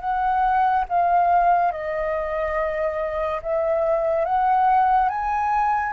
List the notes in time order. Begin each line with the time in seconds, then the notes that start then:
0.00 F#5
0.89 F5
1.72 D#5
3.42 E5
4.25 F#5
5.09 G#5